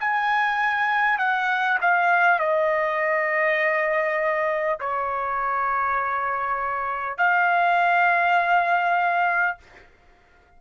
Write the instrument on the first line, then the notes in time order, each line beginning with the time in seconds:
trumpet
0.00 G#5
1.18 F#5
1.81 F5
2.39 D#5
4.80 C#5
7.18 F5